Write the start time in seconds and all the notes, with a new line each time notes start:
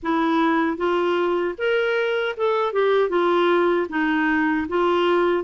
0.02 E4
0.77 F4
1.58 A#4
2.36 A4
2.72 G4
3.09 F4
3.89 D#4
4.68 F4